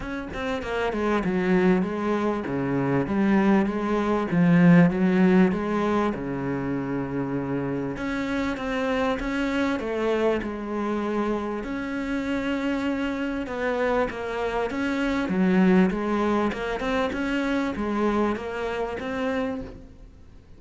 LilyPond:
\new Staff \with { instrumentName = "cello" } { \time 4/4 \tempo 4 = 98 cis'8 c'8 ais8 gis8 fis4 gis4 | cis4 g4 gis4 f4 | fis4 gis4 cis2~ | cis4 cis'4 c'4 cis'4 |
a4 gis2 cis'4~ | cis'2 b4 ais4 | cis'4 fis4 gis4 ais8 c'8 | cis'4 gis4 ais4 c'4 | }